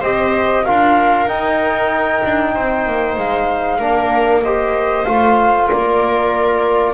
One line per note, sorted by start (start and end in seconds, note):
0.00 0.66 C4
0.00 0.65 G4
0.00 0.63 C5
0.00 0.65 D#5
0.64 1.27 D4
0.64 1.28 F4
0.64 2.53 A#4
0.64 1.27 F5
1.27 2.22 D#4
1.27 3.80 D#4
1.27 3.17 G5
2.25 2.56 D4
2.55 2.87 C4
2.55 3.79 C5
2.87 3.17 A#3
3.17 3.79 G#3
3.17 4.43 F5
3.79 5.06 A#3
3.79 4.43 D4
3.79 4.42 A#4
4.43 5.06 G4
4.43 5.68 C5
4.43 5.05 D#5
5.05 5.70 A3
5.05 6.94 F4
5.05 5.68 F5
5.68 6.94 A#3
5.68 6.94 A#4
5.68 6.94 D5